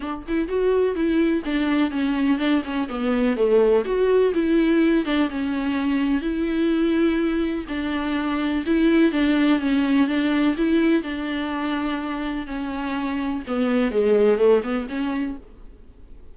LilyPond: \new Staff \with { instrumentName = "viola" } { \time 4/4 \tempo 4 = 125 d'8 e'8 fis'4 e'4 d'4 | cis'4 d'8 cis'8 b4 a4 | fis'4 e'4. d'8 cis'4~ | cis'4 e'2. |
d'2 e'4 d'4 | cis'4 d'4 e'4 d'4~ | d'2 cis'2 | b4 gis4 a8 b8 cis'4 | }